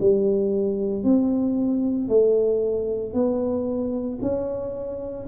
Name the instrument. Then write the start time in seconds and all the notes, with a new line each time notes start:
tuba
0.00 G3
1.04 C4
2.09 A3
3.14 B3
4.22 C#4